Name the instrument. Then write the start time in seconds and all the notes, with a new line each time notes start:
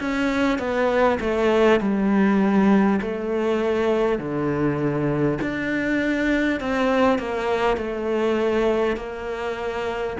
cello
0.00 C#4
0.58 B3
1.21 A3
1.81 G3
3.02 A3
4.18 D3
5.42 D4
6.61 C4
7.18 A#3
7.77 A3
8.97 A#3